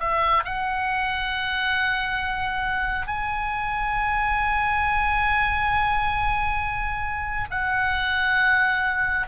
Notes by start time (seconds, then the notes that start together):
0.00 E5
0.45 F#5
3.07 G#5
7.51 F#5